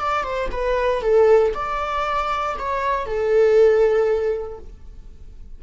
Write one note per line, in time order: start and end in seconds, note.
0.00 0.24 D5
0.24 0.49 C5
0.52 1.02 B4
1.02 1.53 A4
1.55 2.57 D5
2.59 3.06 C#5
3.06 4.59 A4